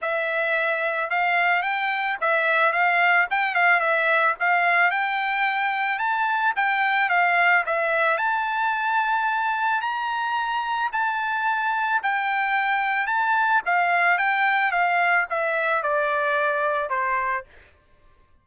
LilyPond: \new Staff \with { instrumentName = "trumpet" } { \time 4/4 \tempo 4 = 110 e''2 f''4 g''4 | e''4 f''4 g''8 f''8 e''4 | f''4 g''2 a''4 | g''4 f''4 e''4 a''4~ |
a''2 ais''2 | a''2 g''2 | a''4 f''4 g''4 f''4 | e''4 d''2 c''4 | }